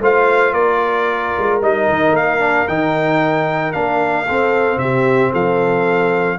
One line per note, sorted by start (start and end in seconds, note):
0.00 0.53 A3
0.00 1.62 F4
0.00 0.54 C5
0.00 0.53 F5
0.53 1.33 A#3
0.53 4.25 A#4
0.53 1.59 D5
1.37 1.61 G#3
1.61 1.88 G3
1.61 2.40 D#4
1.61 2.16 D#5
1.88 2.12 D#3
2.12 2.65 A#3
2.12 2.68 F5
2.40 2.66 D4
2.68 3.74 D#3
2.68 3.73 D#4
2.68 3.72 G5
3.72 4.28 A#3
3.72 4.26 D4
3.72 4.78 F5
4.26 6.38 C4
4.26 4.76 C4
4.26 4.79 A4
4.76 5.30 C3
4.76 5.31 G4
4.76 5.32 E5
5.31 6.38 F3
5.31 6.37 A4
5.31 6.38 F5